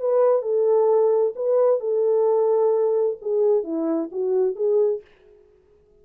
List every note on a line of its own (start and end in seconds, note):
0.00 0.42 B4
0.42 1.34 A4
1.36 1.80 B4
1.80 3.17 A4
3.21 3.64 G#4
3.64 4.10 E4
4.12 4.56 F#4
4.56 5.01 G#4